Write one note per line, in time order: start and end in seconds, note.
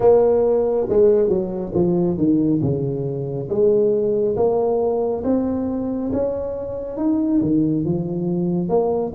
0.00 0.87 A#3
0.89 1.28 G#3
1.28 1.72 F#3
1.74 2.17 F3
2.17 2.60 D#3
2.61 3.48 C#3
3.49 4.36 G#3
4.36 5.23 A#3
5.24 6.11 C4
6.12 6.97 C#4
6.97 7.40 D#4
7.41 7.84 D#3
7.84 8.68 F3
8.68 9.12 A#3